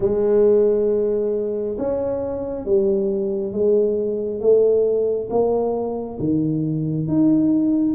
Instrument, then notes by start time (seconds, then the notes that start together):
tuba
0.00 G#3
1.78 C#4
2.65 G3
3.52 G#3
4.40 A3
5.30 A#3
6.19 D#3
7.07 D#4